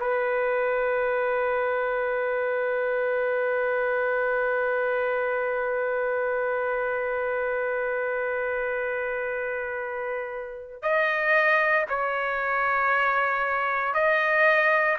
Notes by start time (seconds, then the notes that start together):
0.00 B4
10.82 D#5
11.89 C#5
13.94 D#5